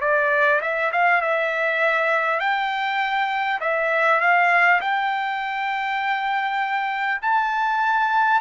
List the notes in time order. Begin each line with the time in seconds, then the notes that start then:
0.00 D5
0.61 E5
0.92 F5
1.21 E5
2.39 G5
3.60 E5
4.20 F5
4.81 G5
7.22 A5